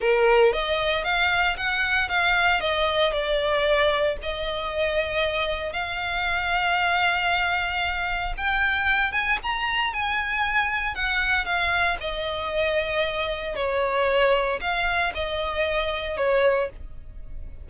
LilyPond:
\new Staff \with { instrumentName = "violin" } { \time 4/4 \tempo 4 = 115 ais'4 dis''4 f''4 fis''4 | f''4 dis''4 d''2 | dis''2. f''4~ | f''1 |
g''4. gis''8 ais''4 gis''4~ | gis''4 fis''4 f''4 dis''4~ | dis''2 cis''2 | f''4 dis''2 cis''4 | }